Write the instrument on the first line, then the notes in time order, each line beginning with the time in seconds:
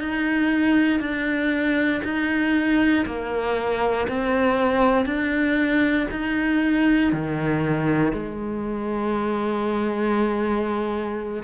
cello
0.00 D#4
1.00 D4
2.04 D#4
3.06 A#3
4.08 C4
5.06 D4
6.11 D#4
7.12 D#3
8.13 G#3